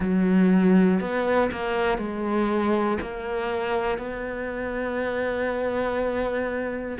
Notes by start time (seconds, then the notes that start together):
0.00 F#3
1.00 B3
1.51 A#3
1.97 G#3
3.00 A#3
3.98 B3